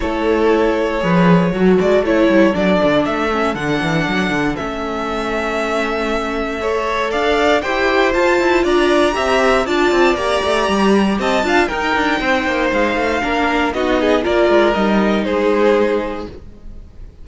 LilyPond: <<
  \new Staff \with { instrumentName = "violin" } { \time 4/4 \tempo 4 = 118 cis''2.~ cis''8 d''8 | cis''4 d''4 e''4 fis''4~ | fis''4 e''2.~ | e''2 f''4 g''4 |
a''4 ais''2 a''4 | ais''2 a''4 g''4~ | g''4 f''2 dis''4 | d''4 dis''4 c''2 | }
  \new Staff \with { instrumentName = "violin" } { \time 4/4 a'2 b'4 a'4~ | a'1~ | a'1~ | a'4 cis''4 d''4 c''4~ |
c''4 d''4 e''4 d''4~ | d''2 dis''8 f''8 ais'4 | c''2 ais'4 fis'8 gis'8 | ais'2 gis'2 | }
  \new Staff \with { instrumentName = "viola" } { \time 4/4 e'2 gis'4 fis'4 | e'4 d'4. cis'8 d'4~ | d'4 cis'2.~ | cis'4 a'2 g'4 |
f'2 g'4 f'4 | g'2~ g'8 f'8 dis'4~ | dis'2 d'4 dis'4 | f'4 dis'2. | }
  \new Staff \with { instrumentName = "cello" } { \time 4/4 a2 f4 fis8 gis8 | a8 g8 fis8 d8 a4 d8 e8 | fis8 d8 a2.~ | a2 d'4 e'4 |
f'8 e'8 d'4 c'4 d'8 c'8 | ais8 a8 g4 c'8 d'8 dis'8 d'8 | c'8 ais8 gis8 a8 ais4 b4 | ais8 gis8 g4 gis2 | }
>>